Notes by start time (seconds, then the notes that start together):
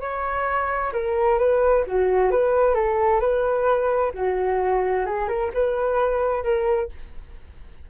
0.00 C#5
0.93 A#4
1.38 B4
1.87 F#4
2.31 B4
2.74 A4
3.20 B4
4.14 F#4
5.05 G#4
5.28 A#4
5.53 B4
6.43 A#4